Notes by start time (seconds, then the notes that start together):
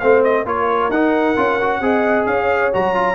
0.00 A3 C4 C5 F5
0.24 D#5
0.44 A#3 F4 A#4 C#5
0.90 D#4 F#5
1.37 C#4 F4
1.62 F#4
1.81 C4 G#4 D#5
2.26 C#4 C#5 F5
2.73 F#3 F#4 A#5
2.95 F4